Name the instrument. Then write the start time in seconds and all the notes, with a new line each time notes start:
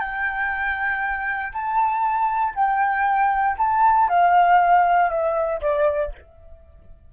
flute
0.00 G5
1.53 A5
2.55 G5
3.58 A5
4.09 F5
5.10 E5
5.61 D5